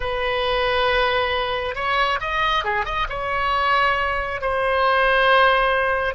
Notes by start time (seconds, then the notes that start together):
0.00 B4
1.74 C#5
2.20 D#5
2.64 G#4
2.85 D#5
3.09 C#5
4.41 C5